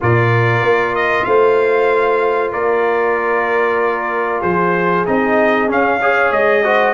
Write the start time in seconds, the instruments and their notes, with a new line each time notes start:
0.00 tuba A#2, trombone F4, horn A#4, trumpet D5
0.61 tuba A#3
0.95 trumpet D#5
1.24 tuba A3, horn C5, trumpet F5
2.52 tuba A#3, horn A#4, trumpet D5
4.41 tuba F3, horn G#4, trumpet C5
5.06 tuba C4, trombone D#4, trumpet D#5
5.68 trombone C#4, tuba C#4, trumpet F5
5.99 trombone G#4, horn C#5
6.31 tuba G#3, trumpet D#5
6.63 trombone F#4, horn C5